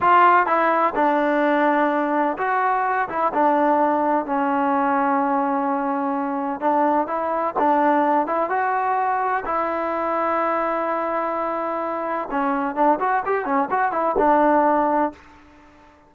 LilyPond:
\new Staff \with { instrumentName = "trombone" } { \time 4/4 \tempo 4 = 127 f'4 e'4 d'2~ | d'4 fis'4. e'8 d'4~ | d'4 cis'2.~ | cis'2 d'4 e'4 |
d'4. e'8 fis'2 | e'1~ | e'2 cis'4 d'8 fis'8 | g'8 cis'8 fis'8 e'8 d'2 | }